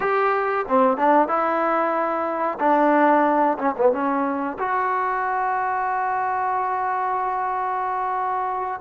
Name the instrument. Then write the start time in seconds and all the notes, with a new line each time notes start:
trombone
0.00 G4
0.68 C4
0.97 D4
1.27 E4
2.59 D4
3.58 C#4
3.77 B3
3.92 C#4
4.59 F#4